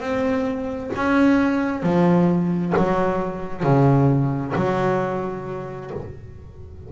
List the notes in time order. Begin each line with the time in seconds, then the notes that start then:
0.00 C4
0.96 C#4
1.83 F3
2.77 F#3
3.63 C#3
4.56 F#3